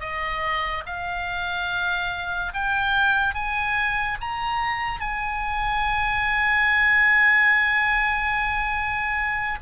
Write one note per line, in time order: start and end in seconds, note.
0.00 0.83 D#5
0.86 2.52 F5
2.53 3.34 G5
3.34 4.17 G#5
4.20 5.00 A#5
5.00 9.58 G#5